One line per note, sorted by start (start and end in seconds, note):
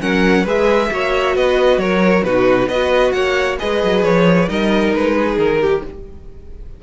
0.00 0.45 F#3
0.00 0.45 C#4
0.00 0.44 A#4
0.00 0.46 F#5
0.44 0.90 G#3
0.44 0.91 G#4
0.44 0.88 B4
0.44 1.36 E5
0.91 1.36 A#3
0.91 2.25 F#4
0.91 1.35 C#5
1.35 1.77 B3
1.35 1.80 B4
1.35 1.79 D#5
1.77 2.22 F#3
1.77 2.25 A#4
1.77 2.23 C#5
2.23 2.67 B2
2.23 2.70 D#4
2.23 2.68 F#4
2.23 2.68 B4
2.67 3.12 B3
2.67 3.59 F#4
2.67 3.13 B4
2.67 3.11 D#5
3.11 3.58 A#3
3.11 3.59 C#5
3.11 3.56 F#5
3.59 3.84 G#3
3.59 4.47 G#4
3.59 4.49 B4
3.59 4.04 D#5
3.84 4.03 F#3
4.03 4.48 F3
4.03 4.49 C#5
4.47 4.93 G3
4.47 5.82 D#4
4.47 5.16 A#4
4.47 4.93 D#5
4.94 5.37 G#3
4.94 5.38 B4
5.17 5.61 G#4
5.37 5.82 D#3
5.37 5.82 A#4
5.61 5.83 G4